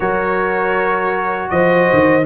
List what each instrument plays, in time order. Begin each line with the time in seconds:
0.00 tuba F#3, trombone F#4, horn A#4, trumpet C#5
1.49 tuba F3, horn C5, trumpet D#5
1.92 tuba D#3